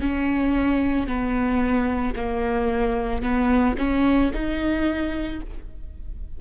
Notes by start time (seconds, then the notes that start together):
0.00 C#4
1.07 B3
2.15 A#3
3.22 B3
3.77 C#4
4.33 D#4